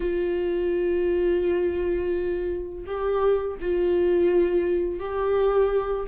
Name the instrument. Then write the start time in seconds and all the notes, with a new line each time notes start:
viola
0.00 F4
2.86 G4
3.60 F4
4.99 G4